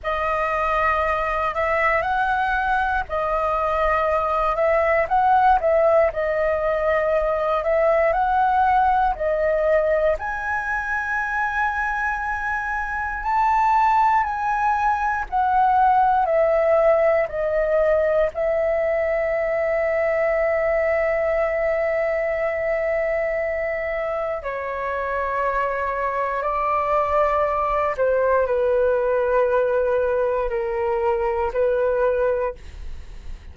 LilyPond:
\new Staff \with { instrumentName = "flute" } { \time 4/4 \tempo 4 = 59 dis''4. e''8 fis''4 dis''4~ | dis''8 e''8 fis''8 e''8 dis''4. e''8 | fis''4 dis''4 gis''2~ | gis''4 a''4 gis''4 fis''4 |
e''4 dis''4 e''2~ | e''1 | cis''2 d''4. c''8 | b'2 ais'4 b'4 | }